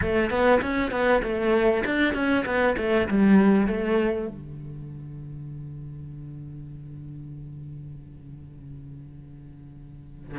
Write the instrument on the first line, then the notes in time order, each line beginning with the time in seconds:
cello
0.01 A3
0.30 B3
0.61 C#4
0.91 B3
1.22 A3
1.85 D4
2.14 C#4
2.45 B3
2.77 A3
3.08 G3
3.67 A3
4.27 D3